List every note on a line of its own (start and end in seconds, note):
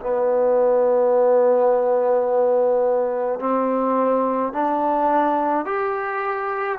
0.00 3.39 B3
3.39 4.52 C4
4.52 5.65 D4
5.65 6.78 G4